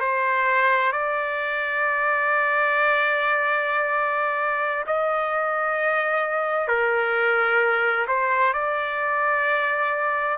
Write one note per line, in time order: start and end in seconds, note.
0.00 0.92 C5
0.92 4.85 D5
4.87 6.68 D#5
6.68 8.06 A#4
8.08 8.54 C5
8.54 10.38 D5